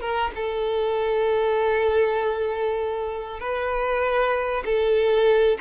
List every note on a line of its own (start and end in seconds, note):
0.00 0.31 A#4
0.35 3.40 A4
3.40 4.63 B4
4.65 5.58 A4